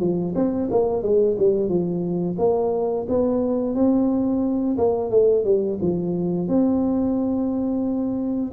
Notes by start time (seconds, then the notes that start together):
0.00 F3
0.35 C4
0.71 A#3
1.02 G#3
1.38 G3
1.69 F3
2.39 A#3
3.09 B3
3.75 C4
4.78 A#3
5.10 A3
5.45 G3
5.81 F3
6.48 C4